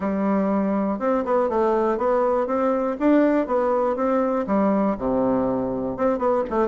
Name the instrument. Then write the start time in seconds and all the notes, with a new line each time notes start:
bassoon
0.00 G3
0.99 C4
1.25 B3
1.49 A3
1.97 B3
2.47 C4
2.99 D4
3.46 B3
3.96 C4
4.47 G3
4.98 C3
5.96 C4
6.18 B3
6.50 A3